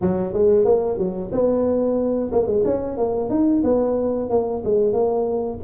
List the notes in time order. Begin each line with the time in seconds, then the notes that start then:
0.01 F#3
0.33 G#3
0.64 A#3
0.97 F#3
1.32 B3
2.31 A#3
2.47 G#3
2.65 C#4
2.97 A#3
3.29 D#4
3.63 B3
4.29 A#3
4.64 G#3
4.92 A#3